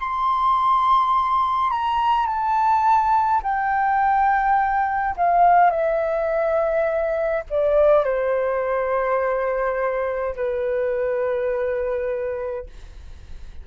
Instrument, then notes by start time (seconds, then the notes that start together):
flute
0.00 C6
1.71 A#5
2.27 A5
3.43 G5
5.17 F5
5.71 E5
7.51 D5
8.05 C5
10.36 B4